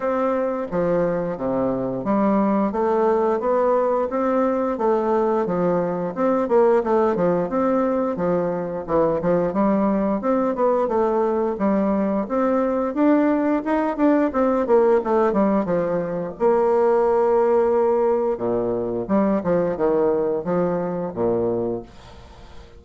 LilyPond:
\new Staff \with { instrumentName = "bassoon" } { \time 4/4 \tempo 4 = 88 c'4 f4 c4 g4 | a4 b4 c'4 a4 | f4 c'8 ais8 a8 f8 c'4 | f4 e8 f8 g4 c'8 b8 |
a4 g4 c'4 d'4 | dis'8 d'8 c'8 ais8 a8 g8 f4 | ais2. ais,4 | g8 f8 dis4 f4 ais,4 | }